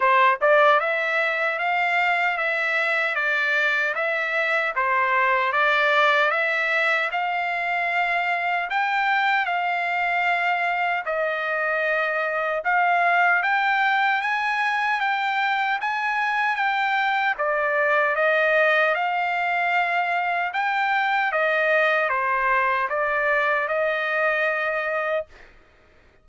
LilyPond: \new Staff \with { instrumentName = "trumpet" } { \time 4/4 \tempo 4 = 76 c''8 d''8 e''4 f''4 e''4 | d''4 e''4 c''4 d''4 | e''4 f''2 g''4 | f''2 dis''2 |
f''4 g''4 gis''4 g''4 | gis''4 g''4 d''4 dis''4 | f''2 g''4 dis''4 | c''4 d''4 dis''2 | }